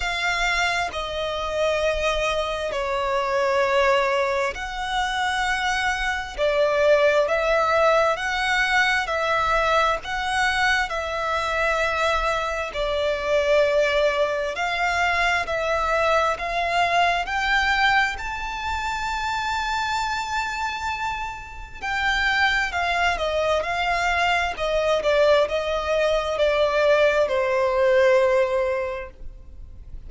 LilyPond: \new Staff \with { instrumentName = "violin" } { \time 4/4 \tempo 4 = 66 f''4 dis''2 cis''4~ | cis''4 fis''2 d''4 | e''4 fis''4 e''4 fis''4 | e''2 d''2 |
f''4 e''4 f''4 g''4 | a''1 | g''4 f''8 dis''8 f''4 dis''8 d''8 | dis''4 d''4 c''2 | }